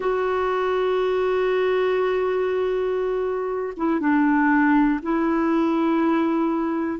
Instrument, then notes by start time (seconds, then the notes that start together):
clarinet
0.00 F#4
3.76 E4
4.00 D4
5.02 E4